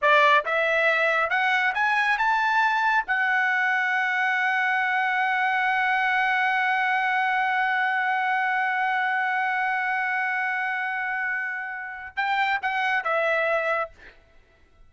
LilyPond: \new Staff \with { instrumentName = "trumpet" } { \time 4/4 \tempo 4 = 138 d''4 e''2 fis''4 | gis''4 a''2 fis''4~ | fis''1~ | fis''1~ |
fis''1~ | fis''1~ | fis''1 | g''4 fis''4 e''2 | }